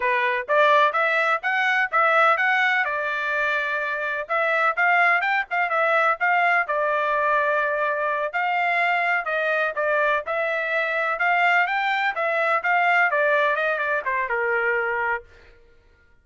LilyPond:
\new Staff \with { instrumentName = "trumpet" } { \time 4/4 \tempo 4 = 126 b'4 d''4 e''4 fis''4 | e''4 fis''4 d''2~ | d''4 e''4 f''4 g''8 f''8 | e''4 f''4 d''2~ |
d''4. f''2 dis''8~ | dis''8 d''4 e''2 f''8~ | f''8 g''4 e''4 f''4 d''8~ | d''8 dis''8 d''8 c''8 ais'2 | }